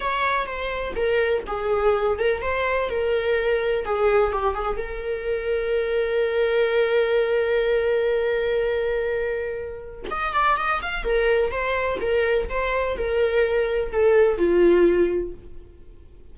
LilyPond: \new Staff \with { instrumentName = "viola" } { \time 4/4 \tempo 4 = 125 cis''4 c''4 ais'4 gis'4~ | gis'8 ais'8 c''4 ais'2 | gis'4 g'8 gis'8 ais'2~ | ais'1~ |
ais'1~ | ais'4 dis''8 d''8 dis''8 f''8 ais'4 | c''4 ais'4 c''4 ais'4~ | ais'4 a'4 f'2 | }